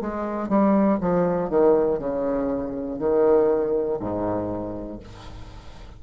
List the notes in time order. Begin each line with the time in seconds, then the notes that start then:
0.00 G#3
0.48 G3
1.00 F3
1.50 D#3
1.99 C#3
2.99 D#3
3.99 G#2